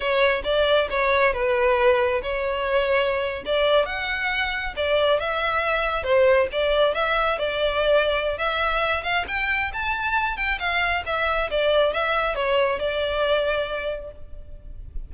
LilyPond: \new Staff \with { instrumentName = "violin" } { \time 4/4 \tempo 4 = 136 cis''4 d''4 cis''4 b'4~ | b'4 cis''2~ cis''8. d''16~ | d''8. fis''2 d''4 e''16~ | e''4.~ e''16 c''4 d''4 e''16~ |
e''8. d''2~ d''16 e''4~ | e''8 f''8 g''4 a''4. g''8 | f''4 e''4 d''4 e''4 | cis''4 d''2. | }